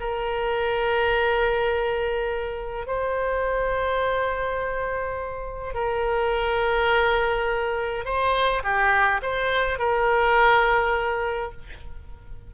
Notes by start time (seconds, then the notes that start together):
0.00 A#4
2.87 C5
5.74 A#4
8.05 C5
8.63 G4
9.22 C5
9.78 A#4